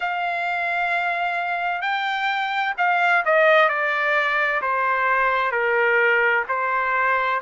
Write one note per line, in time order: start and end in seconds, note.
0.00 1.81 F5
1.81 2.74 G5
2.77 3.23 F5
3.25 3.68 D#5
3.68 4.61 D5
4.62 5.51 C5
5.51 6.44 A#4
6.48 7.41 C5